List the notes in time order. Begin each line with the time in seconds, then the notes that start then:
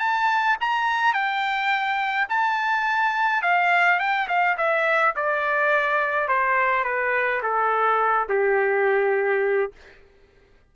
0.00 A5
0.61 A#5
1.14 G5
2.30 A5
3.43 F5
4.00 G5
4.29 F5
4.58 E5
5.16 D5
6.29 C5
6.85 B4
7.43 A4
8.29 G4